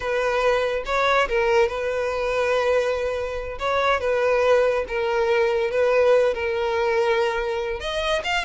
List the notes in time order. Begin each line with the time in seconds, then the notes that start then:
0.00 B4
0.85 C#5
1.28 A#4
1.68 B4
3.58 C#5
4.00 B4
4.88 A#4
5.70 B4
6.34 A#4
7.80 D#5
8.24 F5